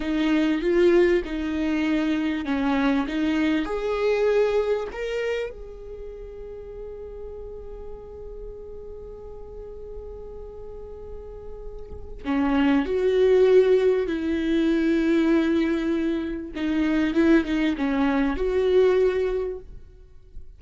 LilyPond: \new Staff \with { instrumentName = "viola" } { \time 4/4 \tempo 4 = 98 dis'4 f'4 dis'2 | cis'4 dis'4 gis'2 | ais'4 gis'2.~ | gis'1~ |
gis'1 | cis'4 fis'2 e'4~ | e'2. dis'4 | e'8 dis'8 cis'4 fis'2 | }